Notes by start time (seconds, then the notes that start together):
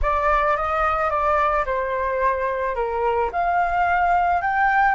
0.02 D5
0.57 D#5
1.09 D5
1.65 C5
2.75 A#4
3.32 F5
4.41 G5